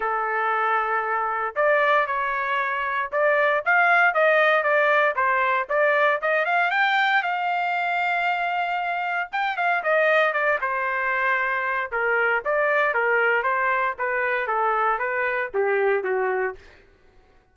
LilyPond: \new Staff \with { instrumentName = "trumpet" } { \time 4/4 \tempo 4 = 116 a'2. d''4 | cis''2 d''4 f''4 | dis''4 d''4 c''4 d''4 | dis''8 f''8 g''4 f''2~ |
f''2 g''8 f''8 dis''4 | d''8 c''2~ c''8 ais'4 | d''4 ais'4 c''4 b'4 | a'4 b'4 g'4 fis'4 | }